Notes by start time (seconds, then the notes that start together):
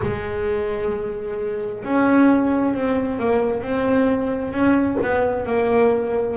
0.02 G#3
1.83 C#4
2.74 C4
3.19 A#3
3.62 C4
4.52 C#4
5.02 B3
5.45 A#3